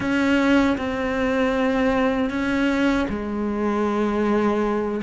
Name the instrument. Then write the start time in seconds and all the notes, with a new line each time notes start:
cello
0.00 C#4
0.77 C4
2.30 C#4
3.09 G#3